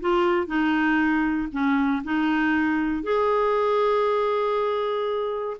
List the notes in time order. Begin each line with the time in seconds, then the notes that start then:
0.00 F4
0.46 D#4
1.52 C#4
2.04 D#4
3.03 G#4